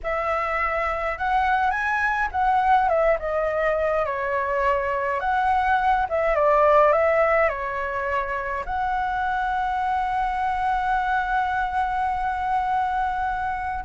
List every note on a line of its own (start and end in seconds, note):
0.03 1.17 E5
1.17 1.70 F#5
1.70 2.28 G#5
2.31 2.88 F#5
2.88 3.17 E5
3.19 4.05 D#5
4.05 5.19 C#5
5.19 6.06 F#5
6.09 6.35 E5
6.35 6.92 D5
6.92 7.48 E5
7.48 8.64 C#5
8.65 13.84 F#5